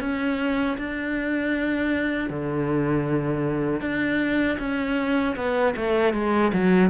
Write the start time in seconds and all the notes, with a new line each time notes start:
0.00 C#4
0.78 D4
2.29 D3
3.81 D4
4.59 C#4
5.36 B3
5.77 A3
6.14 G#3
6.53 F#3